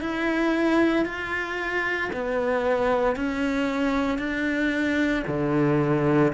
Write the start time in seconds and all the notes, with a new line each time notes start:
0.00 E4
1.05 F4
2.12 B3
3.16 C#4
4.18 D4
5.27 D3